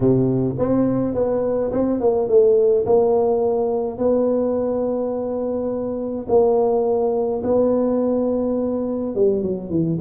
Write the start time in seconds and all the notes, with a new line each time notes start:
0.00 C3
0.58 C4
1.14 B3
1.71 C4
2.00 A#3
2.28 A3
2.85 A#3
3.98 B3
6.28 A#3
7.43 B3
9.15 G3
9.42 F#3
9.70 E3